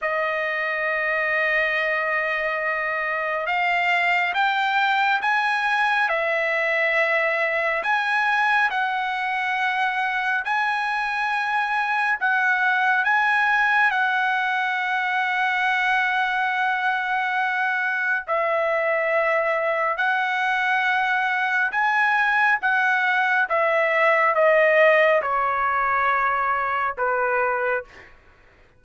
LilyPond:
\new Staff \with { instrumentName = "trumpet" } { \time 4/4 \tempo 4 = 69 dis''1 | f''4 g''4 gis''4 e''4~ | e''4 gis''4 fis''2 | gis''2 fis''4 gis''4 |
fis''1~ | fis''4 e''2 fis''4~ | fis''4 gis''4 fis''4 e''4 | dis''4 cis''2 b'4 | }